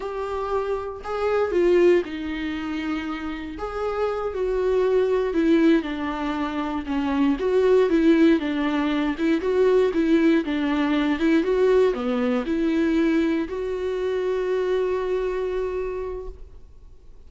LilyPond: \new Staff \with { instrumentName = "viola" } { \time 4/4 \tempo 4 = 118 g'2 gis'4 f'4 | dis'2. gis'4~ | gis'8 fis'2 e'4 d'8~ | d'4. cis'4 fis'4 e'8~ |
e'8 d'4. e'8 fis'4 e'8~ | e'8 d'4. e'8 fis'4 b8~ | b8 e'2 fis'4.~ | fis'1 | }